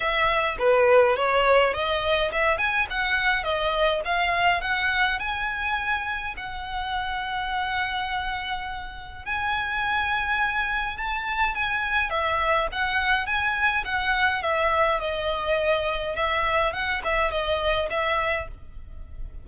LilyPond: \new Staff \with { instrumentName = "violin" } { \time 4/4 \tempo 4 = 104 e''4 b'4 cis''4 dis''4 | e''8 gis''8 fis''4 dis''4 f''4 | fis''4 gis''2 fis''4~ | fis''1 |
gis''2. a''4 | gis''4 e''4 fis''4 gis''4 | fis''4 e''4 dis''2 | e''4 fis''8 e''8 dis''4 e''4 | }